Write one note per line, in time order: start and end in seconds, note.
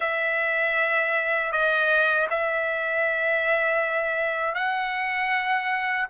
0.00 1.52 E5
1.52 2.28 D#5
2.30 4.55 E5
4.55 6.07 F#5